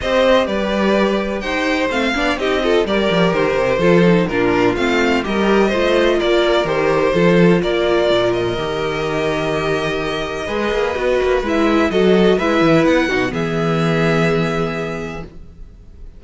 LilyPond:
<<
  \new Staff \with { instrumentName = "violin" } { \time 4/4 \tempo 4 = 126 dis''4 d''2 g''4 | f''4 dis''4 d''4 c''4~ | c''4 ais'4 f''4 dis''4~ | dis''4 d''4 c''2 |
d''4. dis''2~ dis''8~ | dis''1 | e''4 dis''4 e''4 fis''4 | e''1 | }
  \new Staff \with { instrumentName = "violin" } { \time 4/4 c''4 b'2 c''4~ | c''8 d''8 g'8 a'8 ais'2 | a'4 f'2 ais'4 | c''4 ais'2 a'4 |
ais'1~ | ais'2 b'2~ | b'4 a'4 b'4. fis'8 | gis'1 | }
  \new Staff \with { instrumentName = "viola" } { \time 4/4 g'1 | c'8 d'8 dis'8 f'8 g'2 | f'8 dis'8 d'4 c'4 g'4 | f'2 g'4 f'4~ |
f'2 g'2~ | g'2 gis'4 fis'4 | e'4 fis'4 e'4. dis'8 | b1 | }
  \new Staff \with { instrumentName = "cello" } { \time 4/4 c'4 g2 dis'4 | a8 b8 c'4 g8 f8 dis8 c8 | f4 ais,4 a4 g4 | a4 ais4 dis4 f4 |
ais4 ais,4 dis2~ | dis2 gis8 ais8 b8 ais8 | gis4 fis4 gis8 e8 b8 b,8 | e1 | }
>>